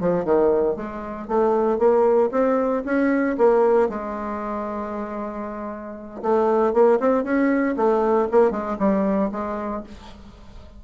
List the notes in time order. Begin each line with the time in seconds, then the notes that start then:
0.00 F3
0.25 D#3
0.76 G#3
1.28 A3
1.78 A#3
2.31 C4
2.85 C#4
3.38 A#3
3.89 G#3
6.22 A3
6.73 A#3
7.00 C4
7.24 C#4
7.76 A3
8.31 A#3
8.51 G#3
8.79 G3
9.32 G#3